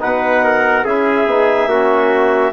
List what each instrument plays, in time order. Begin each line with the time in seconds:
0.00 bassoon B2, trombone D#4, trumpet B4, clarinet F#5
0.44 trumpet A#4
0.85 bassoon C#4, trombone E4, trumpet G#4, clarinet E5
1.27 bassoon B3, trombone D#4
1.67 bassoon A#3, trombone C#4, trumpet F#4